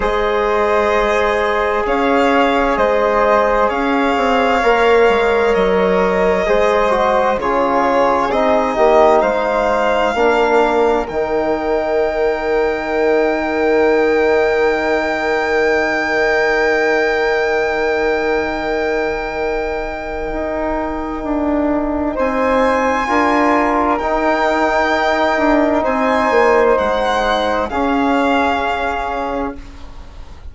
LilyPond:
<<
  \new Staff \with { instrumentName = "violin" } { \time 4/4 \tempo 4 = 65 dis''2 f''4 dis''4 | f''2 dis''2 | cis''4 dis''4 f''2 | g''1~ |
g''1~ | g''1 | gis''2 g''2 | gis''4 fis''4 f''2 | }
  \new Staff \with { instrumentName = "flute" } { \time 4/4 c''2 cis''4 c''4 | cis''2. c''4 | gis'4. g'8 c''4 ais'4~ | ais'1~ |
ais'1~ | ais'1 | c''4 ais'2. | c''2 gis'2 | }
  \new Staff \with { instrumentName = "trombone" } { \time 4/4 gis'1~ | gis'4 ais'2 gis'8 fis'8 | f'4 dis'2 d'4 | dis'1~ |
dis'1~ | dis'1~ | dis'4 f'4 dis'2~ | dis'2 cis'2 | }
  \new Staff \with { instrumentName = "bassoon" } { \time 4/4 gis2 cis'4 gis4 | cis'8 c'8 ais8 gis8 fis4 gis4 | cis4 c'8 ais8 gis4 ais4 | dis1~ |
dis1~ | dis2 dis'4 d'4 | c'4 d'4 dis'4. d'8 | c'8 ais8 gis4 cis'2 | }
>>